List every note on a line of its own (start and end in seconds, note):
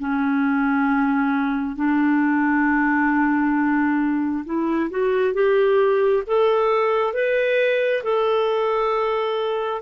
0.00 1.76 C#4
1.76 4.45 D4
4.45 4.90 E4
4.91 5.34 F#4
5.34 6.24 G4
6.27 7.14 A4
7.14 8.03 B4
8.04 9.82 A4